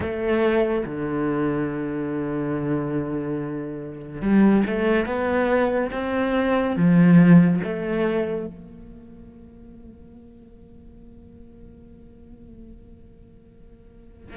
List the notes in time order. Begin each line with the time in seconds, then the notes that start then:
0.00 A3
0.85 D3
4.21 G3
4.66 A3
5.06 B3
5.92 C4
6.76 F3
7.63 A3
8.46 A#3